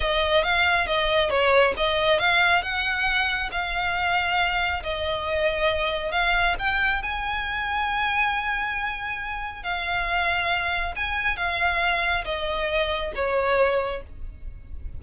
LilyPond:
\new Staff \with { instrumentName = "violin" } { \time 4/4 \tempo 4 = 137 dis''4 f''4 dis''4 cis''4 | dis''4 f''4 fis''2 | f''2. dis''4~ | dis''2 f''4 g''4 |
gis''1~ | gis''2 f''2~ | f''4 gis''4 f''2 | dis''2 cis''2 | }